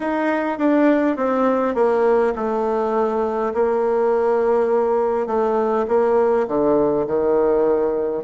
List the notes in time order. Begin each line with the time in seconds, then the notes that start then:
0.00 D#4
0.58 D4
1.16 C4
1.74 A#3
2.35 A3
3.53 A#3
5.26 A3
5.88 A#3
6.47 D3
7.06 D#3